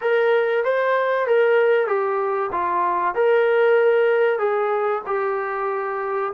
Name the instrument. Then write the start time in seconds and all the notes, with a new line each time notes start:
trombone
0.01 A#4
0.64 C5
1.27 A#4
1.87 G4
2.51 F4
3.14 A#4
4.38 G#4
5.06 G4